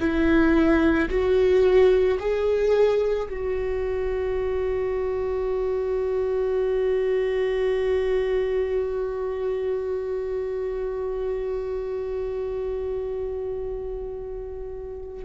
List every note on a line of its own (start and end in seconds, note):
0.00 1.09 E4
1.09 2.18 F#4
2.19 3.28 G#4
3.29 15.24 F#4